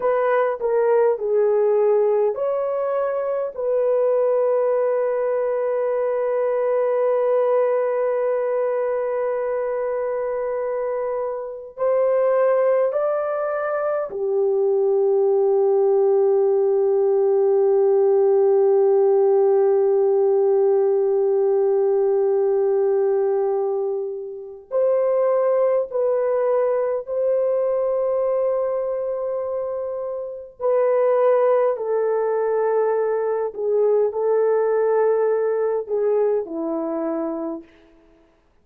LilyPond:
\new Staff \with { instrumentName = "horn" } { \time 4/4 \tempo 4 = 51 b'8 ais'8 gis'4 cis''4 b'4~ | b'1~ | b'2 c''4 d''4 | g'1~ |
g'1~ | g'4 c''4 b'4 c''4~ | c''2 b'4 a'4~ | a'8 gis'8 a'4. gis'8 e'4 | }